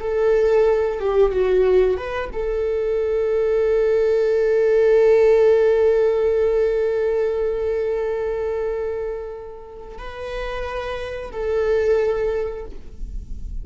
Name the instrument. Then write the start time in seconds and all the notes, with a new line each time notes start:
viola
0.00 A4
1.00 G4
1.32 F#4
1.97 B4
2.32 A4
9.98 B4
11.32 A4